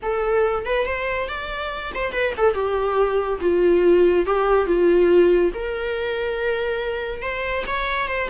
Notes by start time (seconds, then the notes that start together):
0.02 A4
0.65 B4
0.85 C5
1.28 D5
1.94 C5
2.12 B4
2.37 A4
2.54 G4
3.40 F4
4.26 G4
4.66 F4
5.53 A#4
7.22 C5
7.67 C#5
8.08 C5